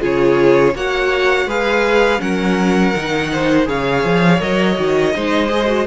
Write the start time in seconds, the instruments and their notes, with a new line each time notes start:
0.00 cello C#3, viola F4, violin G#4 C#5
0.75 cello A#3, viola F#4, violin C#5 F#5
1.46 cello G#3, viola G#4, violin B4 F5
2.19 cello F#3, viola C#4, violin A#4 F#5
2.95 cello D#3, viola D#4
3.32 violin C5
3.65 cello C#3, viola G#4, violin C#5 F5
4.04 cello F3
4.40 cello F#3, viola A#4, violin D#5
4.75 cello D#3, viola F#4
5.15 cello G#3, viola D#4, violin C5
5.48 viola G#4
5.67 viola F#4